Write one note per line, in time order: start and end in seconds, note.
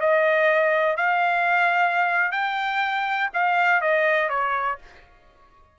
0.00 0.96 D#5
0.96 2.31 F5
2.31 3.29 G5
3.33 3.81 F5
3.81 4.29 D#5
4.29 4.78 C#5